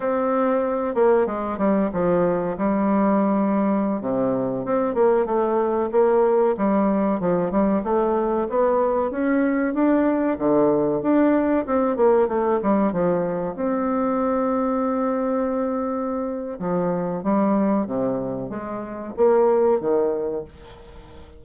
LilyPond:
\new Staff \with { instrumentName = "bassoon" } { \time 4/4 \tempo 4 = 94 c'4. ais8 gis8 g8 f4 | g2~ g16 c4 c'8 ais16~ | ais16 a4 ais4 g4 f8 g16~ | g16 a4 b4 cis'4 d'8.~ |
d'16 d4 d'4 c'8 ais8 a8 g16~ | g16 f4 c'2~ c'8.~ | c'2 f4 g4 | c4 gis4 ais4 dis4 | }